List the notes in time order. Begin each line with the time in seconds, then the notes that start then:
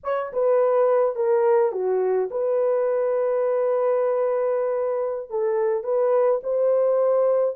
0.03 C#5
0.32 B4
1.15 A#4
1.72 F#4
2.30 B4
5.30 A4
5.83 B4
6.43 C5